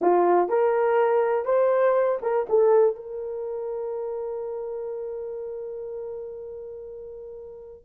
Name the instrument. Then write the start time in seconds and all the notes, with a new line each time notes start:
horn
0.01 F4
0.49 A#4
1.45 C5
2.22 A#4
2.49 A4
2.95 A#4